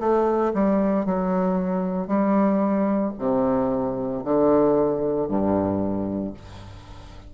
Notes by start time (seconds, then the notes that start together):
0.00 A3
0.54 G3
1.06 F#3
2.08 G3
3.19 C3
4.24 D3
5.29 G2